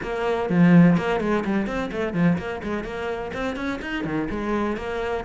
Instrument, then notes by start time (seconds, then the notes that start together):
cello
0.02 A#3
0.49 F3
0.97 A#3
1.20 G#3
1.44 G3
1.66 C4
1.91 A3
2.13 F3
2.37 A#3
2.63 G#3
2.84 A#3
3.33 C4
3.55 C#4
3.81 D#4
4.04 D#3
4.30 G#3
4.76 A#3